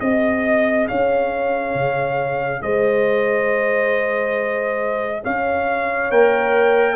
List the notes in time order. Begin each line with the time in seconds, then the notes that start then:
0.00 C4 G#4 D#5
0.88 C#4 C#5 F5
1.74 C#3
2.62 G#3 C5 D#5
5.23 C#4 C#5 F5
6.11 A#3 A#4 G5